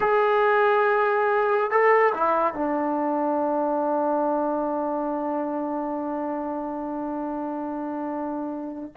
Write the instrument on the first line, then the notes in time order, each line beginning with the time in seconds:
trombone
0.00 G#4
1.70 A4
2.14 E4
2.54 D4